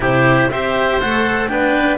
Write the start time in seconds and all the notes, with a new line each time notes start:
0.00 C3 E4 G4 C5
0.50 C4 G4 C5 E5
1.00 A3 A4 F#5
1.47 B3 D4 B4 G5